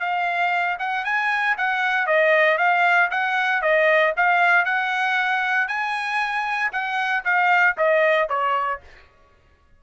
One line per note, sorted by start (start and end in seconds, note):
0.00 0.78 F5
0.79 1.05 F#5
1.05 1.57 G#5
1.58 2.07 F#5
2.07 2.58 D#5
2.58 3.10 F5
3.11 3.62 F#5
3.62 4.14 D#5
4.17 4.65 F5
4.65 5.68 F#5
5.68 6.71 G#5
6.72 7.24 F#5
7.25 7.76 F5
7.78 8.29 D#5
8.29 8.81 C#5